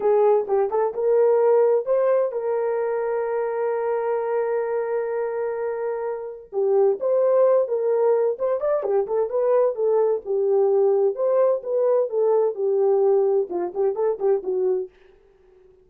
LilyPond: \new Staff \with { instrumentName = "horn" } { \time 4/4 \tempo 4 = 129 gis'4 g'8 a'8 ais'2 | c''4 ais'2.~ | ais'1~ | ais'2 g'4 c''4~ |
c''8 ais'4. c''8 d''8 g'8 a'8 | b'4 a'4 g'2 | c''4 b'4 a'4 g'4~ | g'4 f'8 g'8 a'8 g'8 fis'4 | }